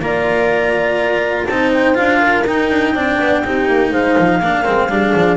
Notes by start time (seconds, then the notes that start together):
0.00 A#3 F4 D5 A#5
1.47 C4 D#4 C5 A5
1.73 G5
1.95 D4 F4 F5
2.20 A#4
2.47 D#4 G5
2.71 D4
2.94 C4 D4 D5
3.20 B3
3.45 C4 D#4 G4
3.68 A#3
3.91 G#3 C5 F5
4.19 F3
4.40 A#3 D4 A#4
4.65 G#3 C4
4.89 G3 D4 G#4
5.16 F3